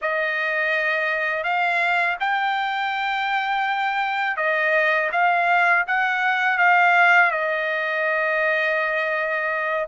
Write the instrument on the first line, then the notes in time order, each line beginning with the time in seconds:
trumpet
0.01 D#5
1.43 F5
2.20 G5
4.36 D#5
5.12 F5
5.87 F#5
6.58 F5
7.31 D#5